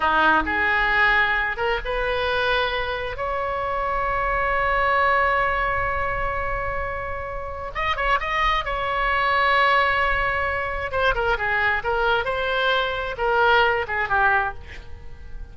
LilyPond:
\new Staff \with { instrumentName = "oboe" } { \time 4/4 \tempo 4 = 132 dis'4 gis'2~ gis'8 ais'8 | b'2. cis''4~ | cis''1~ | cis''1~ |
cis''4 dis''8 cis''8 dis''4 cis''4~ | cis''1 | c''8 ais'8 gis'4 ais'4 c''4~ | c''4 ais'4. gis'8 g'4 | }